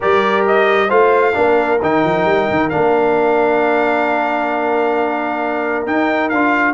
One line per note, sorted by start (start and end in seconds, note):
0.00 0.90 G3
0.00 0.89 G4
0.00 0.88 A#4
0.00 0.46 D5
0.47 0.90 D#5
0.88 1.35 A3
0.88 1.33 F4
0.88 1.33 C5
0.88 1.80 F5
1.33 1.81 A#3
1.33 1.78 D4
1.33 6.73 A#4
1.81 2.04 D#3
1.81 2.70 D#4
1.81 2.69 G5
2.04 2.25 F3
2.25 2.47 G3
2.50 2.72 D#3
2.69 5.86 A#3
2.69 5.86 D4
2.69 5.85 F5
5.86 6.31 D#4
5.86 6.32 D#4
5.86 6.29 G5
6.29 6.73 D4
6.29 6.73 F4
6.29 6.73 F5